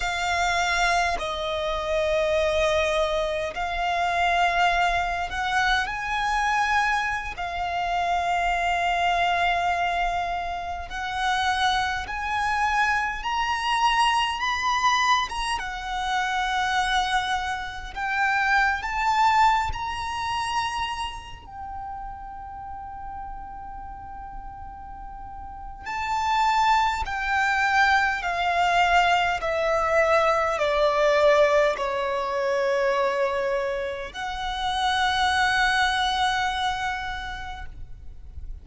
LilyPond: \new Staff \with { instrumentName = "violin" } { \time 4/4 \tempo 4 = 51 f''4 dis''2 f''4~ | f''8 fis''8 gis''4~ gis''16 f''4.~ f''16~ | f''4~ f''16 fis''4 gis''4 ais''8.~ | ais''16 b''8. ais''16 fis''2 g''8. |
a''8. ais''4. g''4.~ g''16~ | g''2 a''4 g''4 | f''4 e''4 d''4 cis''4~ | cis''4 fis''2. | }